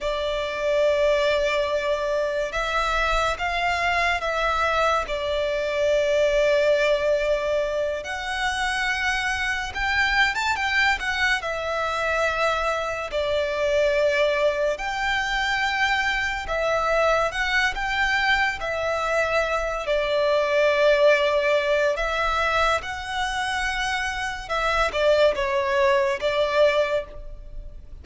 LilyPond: \new Staff \with { instrumentName = "violin" } { \time 4/4 \tempo 4 = 71 d''2. e''4 | f''4 e''4 d''2~ | d''4. fis''2 g''8~ | g''16 a''16 g''8 fis''8 e''2 d''8~ |
d''4. g''2 e''8~ | e''8 fis''8 g''4 e''4. d''8~ | d''2 e''4 fis''4~ | fis''4 e''8 d''8 cis''4 d''4 | }